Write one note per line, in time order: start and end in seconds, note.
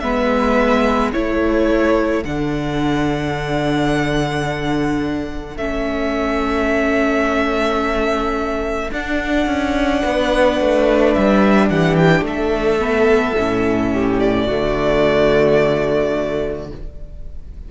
0.00 1.14 G#3
0.00 1.14 B3
0.00 1.12 B4
0.00 1.11 E5
1.12 2.24 A3
1.12 2.25 E4
1.12 10.01 A4
1.12 2.24 C#5
2.24 5.57 D3
2.24 5.59 D4
2.24 5.58 F#5
5.57 8.91 A3
5.57 8.92 C#4
5.57 8.91 E5
8.92 12.80 D4
8.92 9.47 D4
8.92 11.14 F#5
9.47 10.02 C#4
10.02 10.61 B3
10.02 11.69 B4
10.61 11.16 A3
11.14 11.70 G3
11.14 11.69 E5
11.70 12.22 E3
11.70 12.27 G4
11.70 11.96 F#5
11.96 12.24 G5
12.22 13.33 A3
12.22 14.19 E5
12.28 13.93 A4
12.80 13.35 B3
13.38 14.49 A2
13.38 14.49 C#4
13.93 14.46 G4
14.19 16.69 D5
14.46 16.72 D3
14.46 16.71 A3
14.46 16.68 F#4